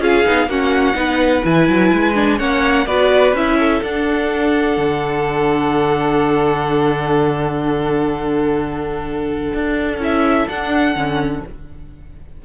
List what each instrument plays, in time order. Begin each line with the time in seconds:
0.00 cello C#4, viola F4, violin G#4 F5
0.25 cello B3, viola D#4
0.46 cello A#3, viola C#4, violin F#4 F#5
0.94 cello B3, viola D#4, violin B4
1.44 cello E3, viola E4, violin G#5
1.68 cello F#3
1.93 cello G#3
2.15 viola D4
2.38 cello A#3, viola C#4, violin C#5 F#5
2.86 cello B3, viola F#4, violin B4 D5
3.33 cello C#4, viola E4, violin E5
3.59 violin A4
3.83 cello D4, viola D4, violin F#5
4.77 cello D3
9.54 cello D4
9.98 cello C#4, viola E4, violin E5
10.48 cello D4, viola D4, violin F#5
10.95 cello D3, viola C#4